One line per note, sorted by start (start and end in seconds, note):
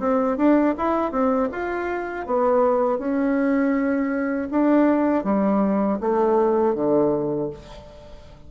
0.00 0.38 C4
0.38 0.75 D4
0.78 1.12 E4
1.12 1.49 C4
1.52 2.27 F4
2.27 2.99 B3
2.99 4.49 C#4
4.51 5.24 D4
5.24 5.99 G3
6.01 6.75 A3
6.75 7.50 D3